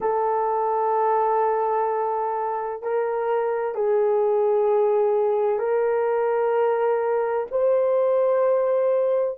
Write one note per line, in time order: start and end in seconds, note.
0.00 2.82 A4
2.82 3.74 A#4
3.74 5.59 G#4
5.59 7.46 A#4
7.51 9.37 C5